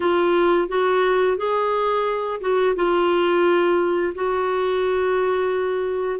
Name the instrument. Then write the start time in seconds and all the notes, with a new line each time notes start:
clarinet
0.00 F4
0.68 F#4
1.37 G#4
2.40 F#4
2.75 F4
4.14 F#4